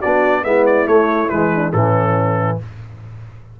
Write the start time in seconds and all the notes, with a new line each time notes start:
0.00 B3 D4 F#4 D5
0.44 G#3 B3 E4 E5
0.66 D5
0.86 A3 C#5
1.29 E3 G#3 B4
1.55 D4
1.72 A2 E3 C#4 A4